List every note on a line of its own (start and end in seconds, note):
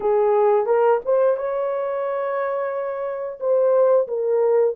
0.00 0.66 G#4
0.66 0.99 A#4
1.05 1.36 C5
1.36 3.39 C#5
3.40 4.07 C5
4.07 4.75 A#4